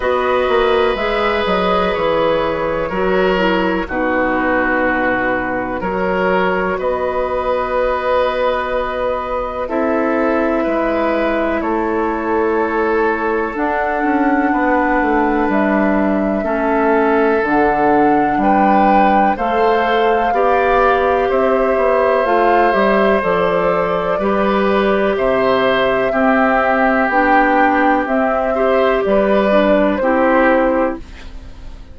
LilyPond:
<<
  \new Staff \with { instrumentName = "flute" } { \time 4/4 \tempo 4 = 62 dis''4 e''8 dis''8 cis''2 | b'2 cis''4 dis''4~ | dis''2 e''2 | cis''2 fis''2 |
e''2 fis''4 g''4 | f''2 e''4 f''8 e''8 | d''2 e''2 | g''4 e''4 d''4 c''4 | }
  \new Staff \with { instrumentName = "oboe" } { \time 4/4 b'2. ais'4 | fis'2 ais'4 b'4~ | b'2 a'4 b'4 | a'2. b'4~ |
b'4 a'2 b'4 | c''4 d''4 c''2~ | c''4 b'4 c''4 g'4~ | g'4. c''8 b'4 g'4 | }
  \new Staff \with { instrumentName = "clarinet" } { \time 4/4 fis'4 gis'2 fis'8 e'8 | dis'2 fis'2~ | fis'2 e'2~ | e'2 d'2~ |
d'4 cis'4 d'2 | a'4 g'2 f'8 g'8 | a'4 g'2 c'4 | d'4 c'8 g'4 d'8 e'4 | }
  \new Staff \with { instrumentName = "bassoon" } { \time 4/4 b8 ais8 gis8 fis8 e4 fis4 | b,2 fis4 b4~ | b2 c'4 gis4 | a2 d'8 cis'8 b8 a8 |
g4 a4 d4 g4 | a4 b4 c'8 b8 a8 g8 | f4 g4 c4 c'4 | b4 c'4 g4 c'4 | }
>>